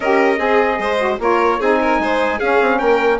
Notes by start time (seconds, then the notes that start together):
0.00 C#4 G4 A#4 D#5
0.36 C4 G#4
0.78 G#3 C5
0.99 F#4
1.19 A#3 F4 A#4 C#5
1.59 C4 D#4 G#4 G#5
1.81 A#4
1.99 G#3 C5
2.38 C#4 G#4 F5
2.61 C4
2.78 A#3 A#4 G5